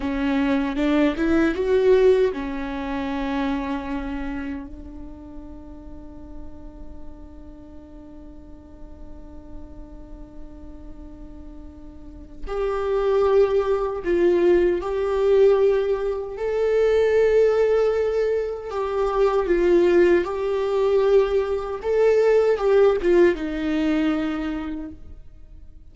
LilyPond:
\new Staff \with { instrumentName = "viola" } { \time 4/4 \tempo 4 = 77 cis'4 d'8 e'8 fis'4 cis'4~ | cis'2 d'2~ | d'1~ | d'1 |
g'2 f'4 g'4~ | g'4 a'2. | g'4 f'4 g'2 | a'4 g'8 f'8 dis'2 | }